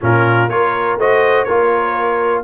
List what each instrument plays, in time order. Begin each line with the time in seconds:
0.01 tuba A#2, trombone C#4, horn F4, trumpet A#4
0.48 tuba A#3, trombone F4, horn A#4, trumpet C#5
0.97 tuba A3, trombone F#4, horn C5, trumpet D#5
1.44 tuba A#3, trombone F4, horn A#4, trumpet C#5